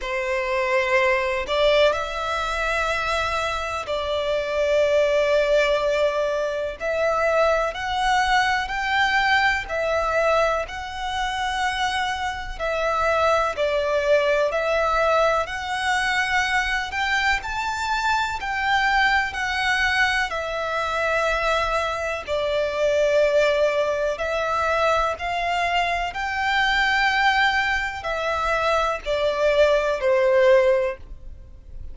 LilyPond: \new Staff \with { instrumentName = "violin" } { \time 4/4 \tempo 4 = 62 c''4. d''8 e''2 | d''2. e''4 | fis''4 g''4 e''4 fis''4~ | fis''4 e''4 d''4 e''4 |
fis''4. g''8 a''4 g''4 | fis''4 e''2 d''4~ | d''4 e''4 f''4 g''4~ | g''4 e''4 d''4 c''4 | }